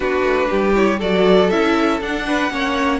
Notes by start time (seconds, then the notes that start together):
0.00 B3 D4 F#4 B4
0.22 A3
0.50 G3 G4
0.74 E4 C#5
0.99 F#3 F#4 A4 D5
1.50 C#4 E4 E5
2.00 D4 F#5
2.27 B4
2.50 A#3 C#4 C#5